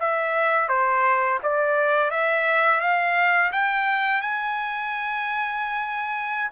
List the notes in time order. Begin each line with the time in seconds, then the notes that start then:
0.00 E5
0.69 C5
1.43 D5
2.10 E5
2.81 F5
3.52 G5
4.21 G#5